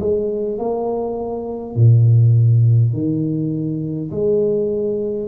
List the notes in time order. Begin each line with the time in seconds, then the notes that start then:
0.00 G#3
0.58 A#3
1.75 A#2
2.93 D#3
4.11 G#3